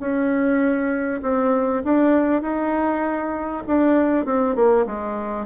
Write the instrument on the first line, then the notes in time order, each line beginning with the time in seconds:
bassoon
0.00 C#4
1.23 C4
1.85 D4
2.42 D#4
3.67 D4
4.26 C4
4.56 A#3
4.87 G#3